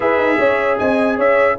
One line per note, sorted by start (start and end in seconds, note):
0.00 0.17 E4
0.00 1.58 G#4
0.00 0.38 B4
0.00 0.78 E5
0.17 0.37 D#4
0.38 0.79 C#4
0.38 0.78 C#5
0.78 1.17 C4
0.78 1.16 D#5
0.78 1.18 G#5
1.16 1.57 C#4
1.16 1.56 C#5
1.16 1.59 E5